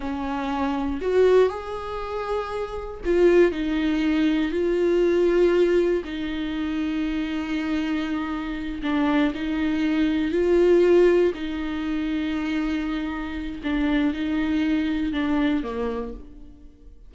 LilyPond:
\new Staff \with { instrumentName = "viola" } { \time 4/4 \tempo 4 = 119 cis'2 fis'4 gis'4~ | gis'2 f'4 dis'4~ | dis'4 f'2. | dis'1~ |
dis'4. d'4 dis'4.~ | dis'8 f'2 dis'4.~ | dis'2. d'4 | dis'2 d'4 ais4 | }